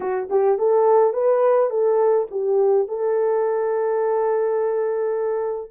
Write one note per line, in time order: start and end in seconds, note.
0.00 0.29 F#4
0.29 0.58 G4
0.58 1.13 A4
1.13 1.70 B4
1.70 2.27 A4
2.30 2.88 G4
2.88 5.71 A4